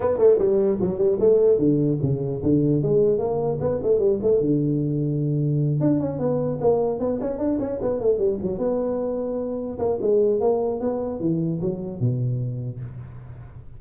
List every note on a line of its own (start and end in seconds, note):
0.00 0.18 B3
0.18 0.38 A3
0.38 0.78 G3
0.80 0.98 F#3
0.98 1.18 G3
1.19 1.58 A3
1.58 1.98 D3
2.02 2.42 C#3
2.42 2.82 D3
2.82 3.18 G#3
3.18 3.58 A#3
3.60 3.80 B3
3.83 3.99 A3
3.99 4.19 G3
4.22 4.41 A3
4.41 5.80 D3
5.80 6.00 D4
6.00 6.18 C#4
6.18 6.58 B3
6.60 6.99 A#3
6.99 7.19 B3
7.20 7.38 C#4
7.38 7.58 D4
7.59 7.79 C#4
7.81 8.00 B3
8.00 8.18 A3
8.18 8.38 G3
8.42 8.58 F#3
8.58 9.78 B3
9.78 9.98 A#3
10.01 10.40 G#3
10.40 10.80 A#3
10.80 11.20 B3
11.20 11.60 E3
11.61 11.99 F#3
11.99 12.79 B2